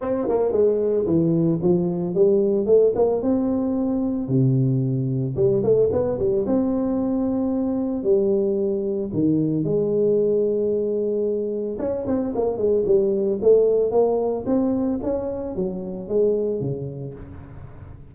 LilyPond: \new Staff \with { instrumentName = "tuba" } { \time 4/4 \tempo 4 = 112 c'8 ais8 gis4 e4 f4 | g4 a8 ais8 c'2 | c2 g8 a8 b8 g8 | c'2. g4~ |
g4 dis4 gis2~ | gis2 cis'8 c'8 ais8 gis8 | g4 a4 ais4 c'4 | cis'4 fis4 gis4 cis4 | }